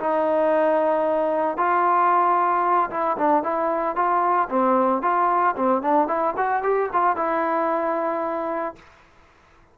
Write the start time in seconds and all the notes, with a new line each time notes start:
0.00 D#4
1.58 F4
2.91 E4
3.18 D4
3.43 E4
3.96 F4
4.50 C4
5.02 F4
5.57 C4
5.82 D4
6.08 E4
6.37 F#4
6.63 G4
6.93 F4
7.17 E4